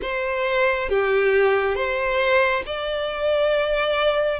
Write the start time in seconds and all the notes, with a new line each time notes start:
0.02 C5
0.89 G4
1.74 C5
2.66 D5